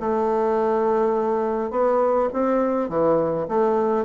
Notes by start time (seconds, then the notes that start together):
0.00 A3
1.71 B3
2.34 C4
2.89 E3
3.48 A3